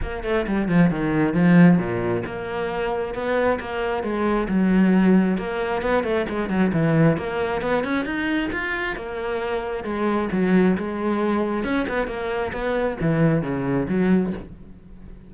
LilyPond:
\new Staff \with { instrumentName = "cello" } { \time 4/4 \tempo 4 = 134 ais8 a8 g8 f8 dis4 f4 | ais,4 ais2 b4 | ais4 gis4 fis2 | ais4 b8 a8 gis8 fis8 e4 |
ais4 b8 cis'8 dis'4 f'4 | ais2 gis4 fis4 | gis2 cis'8 b8 ais4 | b4 e4 cis4 fis4 | }